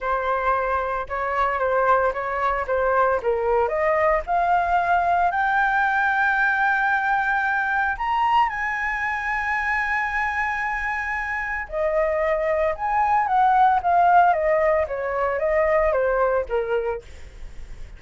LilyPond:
\new Staff \with { instrumentName = "flute" } { \time 4/4 \tempo 4 = 113 c''2 cis''4 c''4 | cis''4 c''4 ais'4 dis''4 | f''2 g''2~ | g''2. ais''4 |
gis''1~ | gis''2 dis''2 | gis''4 fis''4 f''4 dis''4 | cis''4 dis''4 c''4 ais'4 | }